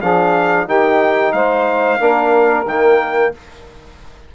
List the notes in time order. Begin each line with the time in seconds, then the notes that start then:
0.00 F3 D4 G#4 F5
0.67 D#3 D#4 G4 G5
1.33 G#3 C5 F5
2.00 A#3 D4 A#4
2.66 D#3 A#3 G5